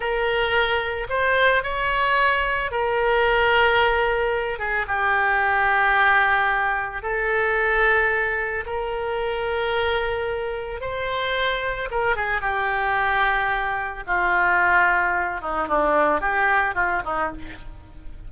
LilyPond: \new Staff \with { instrumentName = "oboe" } { \time 4/4 \tempo 4 = 111 ais'2 c''4 cis''4~ | cis''4 ais'2.~ | ais'8 gis'8 g'2.~ | g'4 a'2. |
ais'1 | c''2 ais'8 gis'8 g'4~ | g'2 f'2~ | f'8 dis'8 d'4 g'4 f'8 dis'8 | }